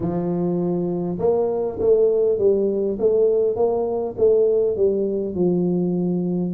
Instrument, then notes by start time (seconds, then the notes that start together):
tuba
0.00 F3
1.19 A#3
1.79 A3
2.38 G3
2.99 A3
3.56 A#3
4.17 A3
4.76 G3
5.34 F3